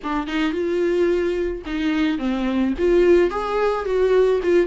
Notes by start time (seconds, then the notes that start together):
0.03 D4
0.27 D#4
0.52 F4
1.65 D#4
2.18 C4
2.78 F4
3.30 G#4
3.85 F#4
4.42 F4